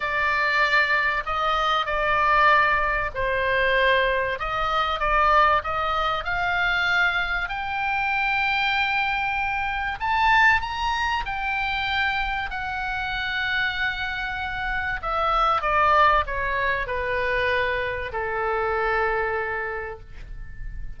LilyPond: \new Staff \with { instrumentName = "oboe" } { \time 4/4 \tempo 4 = 96 d''2 dis''4 d''4~ | d''4 c''2 dis''4 | d''4 dis''4 f''2 | g''1 |
a''4 ais''4 g''2 | fis''1 | e''4 d''4 cis''4 b'4~ | b'4 a'2. | }